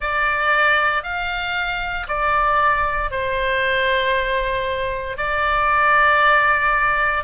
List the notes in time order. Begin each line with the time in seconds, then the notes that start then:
0.00 D5
1.03 F5
2.08 D5
3.10 C5
5.17 D5